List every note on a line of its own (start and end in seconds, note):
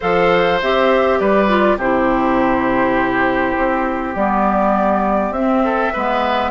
0.00 0.61 F3
0.00 0.60 A4
0.00 1.19 C5
0.00 0.61 F5
0.61 1.20 C4
0.61 1.48 G4
0.61 1.18 E5
1.18 1.76 G3
1.18 1.77 B4
1.18 1.78 D5
1.48 1.77 F4
1.76 3.55 C3
1.76 4.15 E4
1.76 5.63 G4
1.76 4.15 C5
3.57 4.15 C4
4.15 5.30 G3
4.15 5.34 B3
4.15 5.33 D5
5.30 5.90 C4
5.30 5.94 C4
5.30 6.51 E5
5.63 5.93 A4
5.93 6.51 G#3
5.93 6.51 B3
5.93 6.51 B4